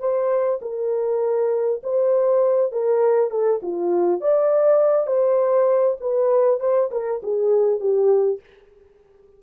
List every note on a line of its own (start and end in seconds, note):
0.00 0.60 C5
0.62 1.82 A#4
1.83 2.72 C5
2.72 3.31 A#4
3.31 3.61 A4
3.63 4.21 F4
4.21 5.07 D5
5.07 5.97 C5
6.01 6.60 B4
6.60 6.90 C5
6.91 7.21 A#4
7.23 7.80 G#4
7.80 8.40 G4